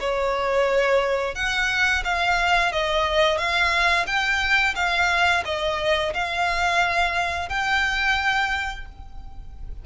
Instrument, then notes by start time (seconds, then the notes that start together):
violin
0.00 C#5
1.35 F#5
2.05 F5
2.72 D#5
3.38 F5
4.07 G5
4.76 F5
5.45 D#5
6.14 F5
7.49 G5